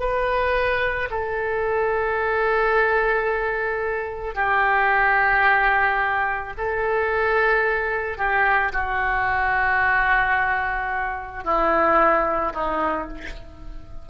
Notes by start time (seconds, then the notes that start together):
0.00 B4
1.11 A4
4.35 G4
6.58 A4
8.18 G4
8.73 F#4
11.44 E4
12.54 D#4